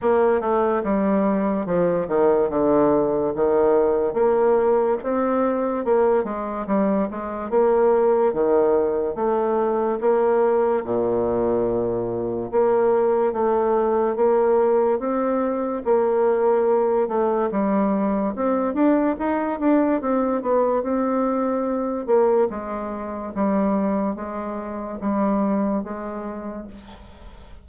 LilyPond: \new Staff \with { instrumentName = "bassoon" } { \time 4/4 \tempo 4 = 72 ais8 a8 g4 f8 dis8 d4 | dis4 ais4 c'4 ais8 gis8 | g8 gis8 ais4 dis4 a4 | ais4 ais,2 ais4 |
a4 ais4 c'4 ais4~ | ais8 a8 g4 c'8 d'8 dis'8 d'8 | c'8 b8 c'4. ais8 gis4 | g4 gis4 g4 gis4 | }